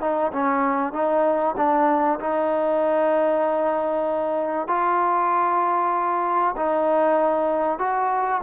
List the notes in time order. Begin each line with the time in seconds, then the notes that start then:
0.00 D#4
0.32 C#4
0.93 D#4
1.57 D4
2.19 D#4
4.68 F4
6.56 D#4
7.79 F#4